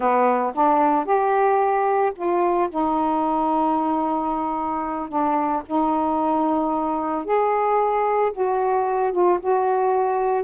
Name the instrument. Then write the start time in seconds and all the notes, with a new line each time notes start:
saxophone
0.00 B3
0.54 D4
1.05 G4
2.15 F4
2.69 D#4
5.08 D4
5.66 D#4
7.24 G#4
8.32 F#4
9.12 F4
9.39 F#4